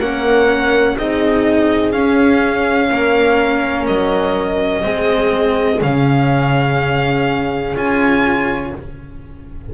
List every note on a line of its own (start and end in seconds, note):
0.00 0.97 A#3
0.00 0.98 C#4
0.00 0.97 A#4
0.00 0.98 F#5
0.98 1.94 C4
0.98 1.93 D#4
0.98 2.90 G#4
0.98 1.92 D#5
1.92 4.83 C#4
1.92 2.91 C#4
1.92 3.86 F5
2.90 3.88 A#3
2.90 4.83 A#4
3.87 4.85 F#3
3.87 5.81 D#5
4.83 5.81 G#3
4.83 5.80 C4
4.83 8.71 G#4
5.81 7.75 C#3
5.81 7.76 C#4
5.81 7.76 F5
7.76 8.73 C#4
7.76 8.72 F4
7.76 8.75 G#5